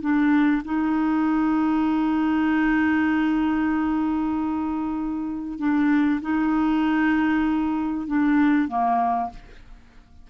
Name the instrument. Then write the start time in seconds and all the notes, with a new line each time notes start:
clarinet
0.00 D4
0.64 D#4
5.58 D4
6.21 D#4
8.07 D4
8.68 A#3